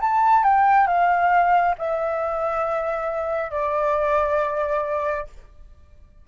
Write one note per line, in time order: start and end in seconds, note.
0.00 0.43 A5
0.43 0.87 G5
0.87 1.75 F5
1.78 3.50 E5
3.50 5.27 D5